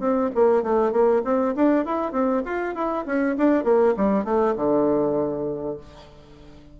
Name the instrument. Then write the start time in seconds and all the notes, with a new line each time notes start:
bassoon
0.00 C4
0.35 A#3
0.63 A3
0.92 A#3
1.25 C4
1.56 D4
1.85 E4
2.12 C4
2.45 F4
2.75 E4
3.06 C#4
3.38 D4
3.64 A#3
3.97 G3
4.25 A3
4.56 D3